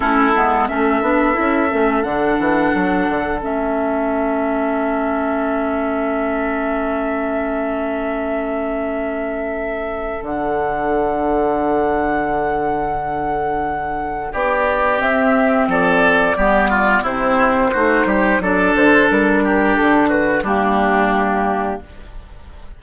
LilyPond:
<<
  \new Staff \with { instrumentName = "flute" } { \time 4/4 \tempo 4 = 88 a'4 e''2 fis''4~ | fis''4 e''2.~ | e''1~ | e''2. fis''4~ |
fis''1~ | fis''4 d''4 e''4 d''4~ | d''4 c''2 d''8 c''8 | ais'4 a'8 b'8 g'2 | }
  \new Staff \with { instrumentName = "oboe" } { \time 4/4 e'4 a'2.~ | a'1~ | a'1~ | a'1~ |
a'1~ | a'4 g'2 a'4 | g'8 f'8 e'4 fis'8 g'8 a'4~ | a'8 g'4 fis'8 d'2 | }
  \new Staff \with { instrumentName = "clarinet" } { \time 4/4 cis'8 b8 cis'8 d'8 e'8 cis'8 d'4~ | d'4 cis'2.~ | cis'1~ | cis'2. d'4~ |
d'1~ | d'2 c'2 | b4 c'4 dis'4 d'4~ | d'2 ais2 | }
  \new Staff \with { instrumentName = "bassoon" } { \time 4/4 a8 gis8 a8 b8 cis'8 a8 d8 e8 | fis8 d8 a2.~ | a1~ | a2. d4~ |
d1~ | d4 b4 c'4 f4 | g4 c4 a8 g8 fis8 d8 | g4 d4 g2 | }
>>